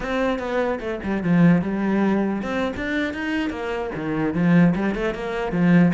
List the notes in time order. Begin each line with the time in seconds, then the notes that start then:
0.00 C4
0.38 B3
0.80 A3
1.03 G3
1.23 F3
1.61 G3
2.42 C4
2.76 D4
3.13 D#4
3.50 A#3
3.95 D#3
4.34 F3
4.75 G3
4.94 A3
5.14 A#3
5.52 F3